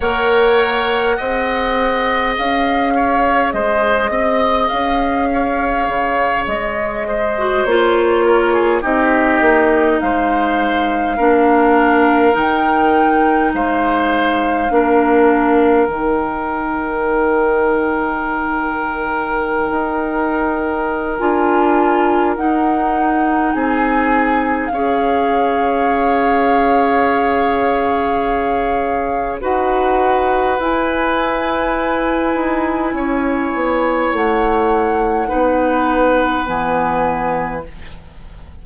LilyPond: <<
  \new Staff \with { instrumentName = "flute" } { \time 4/4 \tempo 4 = 51 fis''2 f''4 dis''4 | f''4. dis''4 cis''4 dis''8~ | dis''8 f''2 g''4 f''8~ | f''4. g''2~ g''8~ |
g''2 gis''4 fis''4 | gis''4 f''2.~ | f''4 fis''4 gis''2~ | gis''4 fis''2 gis''4 | }
  \new Staff \with { instrumentName = "oboe" } { \time 4/4 cis''4 dis''4. cis''8 c''8 dis''8~ | dis''8 cis''4. c''4 ais'16 gis'16 g'8~ | g'8 c''4 ais'2 c''8~ | c''8 ais'2.~ ais'8~ |
ais'1 | gis'4 cis''2.~ | cis''4 b'2. | cis''2 b'2 | }
  \new Staff \with { instrumentName = "clarinet" } { \time 4/4 ais'4 gis'2.~ | gis'2~ gis'16 fis'16 f'4 dis'8~ | dis'4. d'4 dis'4.~ | dis'8 d'4 dis'2~ dis'8~ |
dis'2 f'4 dis'4~ | dis'4 gis'2.~ | gis'4 fis'4 e'2~ | e'2 dis'4 b4 | }
  \new Staff \with { instrumentName = "bassoon" } { \time 4/4 ais4 c'4 cis'4 gis8 c'8 | cis'4 cis8 gis4 ais4 c'8 | ais8 gis4 ais4 dis4 gis8~ | gis8 ais4 dis2~ dis8~ |
dis8. dis'4~ dis'16 d'4 dis'4 | c'4 cis'2.~ | cis'4 dis'4 e'4. dis'8 | cis'8 b8 a4 b4 e4 | }
>>